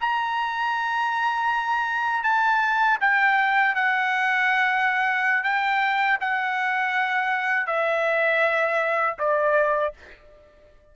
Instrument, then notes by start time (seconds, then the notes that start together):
trumpet
0.00 A#5
2.23 A5
3.00 G5
3.74 F#5
5.43 G5
6.20 F#5
7.66 E5
9.18 D5